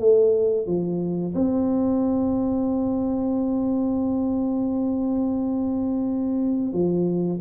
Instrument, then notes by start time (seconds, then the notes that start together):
tuba
0.00 A3
0.67 F3
1.35 C4
6.73 F3